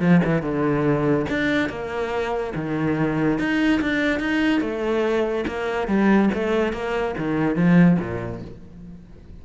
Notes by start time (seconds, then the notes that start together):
0.00 F3
0.24 E3
0.42 D3
1.29 D4
1.69 A#3
2.55 D#3
3.39 D#4
3.81 D4
4.19 D#4
4.61 A3
5.47 A#3
5.88 G3
6.34 A3
6.73 A#3
7.18 D#3
7.56 F3
8.00 A#2